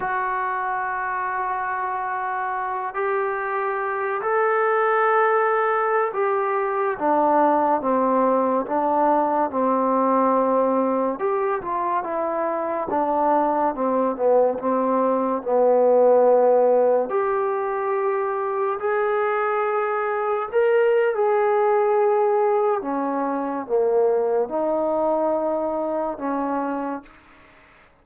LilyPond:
\new Staff \with { instrumentName = "trombone" } { \time 4/4 \tempo 4 = 71 fis'2.~ fis'8 g'8~ | g'4 a'2~ a'16 g'8.~ | g'16 d'4 c'4 d'4 c'8.~ | c'4~ c'16 g'8 f'8 e'4 d'8.~ |
d'16 c'8 b8 c'4 b4.~ b16~ | b16 g'2 gis'4.~ gis'16~ | gis'16 ais'8. gis'2 cis'4 | ais4 dis'2 cis'4 | }